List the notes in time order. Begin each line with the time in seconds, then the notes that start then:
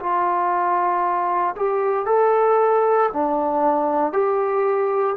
0.00 F4
1.56 G4
2.06 A4
3.13 D4
4.12 G4